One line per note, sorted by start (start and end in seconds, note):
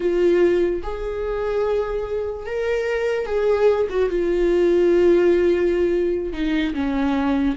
0.00 0.82 F4
0.82 2.46 G#4
2.46 3.26 A#4
3.26 3.87 G#4
3.89 4.09 F#4
4.09 6.32 F4
6.32 6.73 D#4
6.74 7.55 C#4